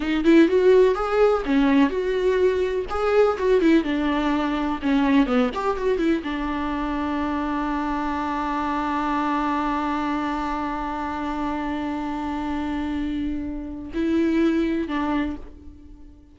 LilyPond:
\new Staff \with { instrumentName = "viola" } { \time 4/4 \tempo 4 = 125 dis'8 e'8 fis'4 gis'4 cis'4 | fis'2 gis'4 fis'8 e'8 | d'2 cis'4 b8 g'8 | fis'8 e'8 d'2.~ |
d'1~ | d'1~ | d'1~ | d'4 e'2 d'4 | }